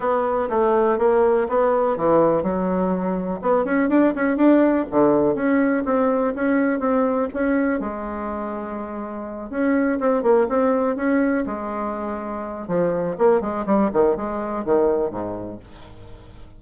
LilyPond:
\new Staff \with { instrumentName = "bassoon" } { \time 4/4 \tempo 4 = 123 b4 a4 ais4 b4 | e4 fis2 b8 cis'8 | d'8 cis'8 d'4 d4 cis'4 | c'4 cis'4 c'4 cis'4 |
gis2.~ gis8 cis'8~ | cis'8 c'8 ais8 c'4 cis'4 gis8~ | gis2 f4 ais8 gis8 | g8 dis8 gis4 dis4 gis,4 | }